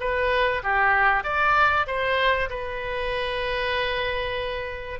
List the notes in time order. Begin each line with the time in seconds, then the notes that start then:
0.00 B4
0.63 G4
1.24 D5
1.87 C5
2.50 B4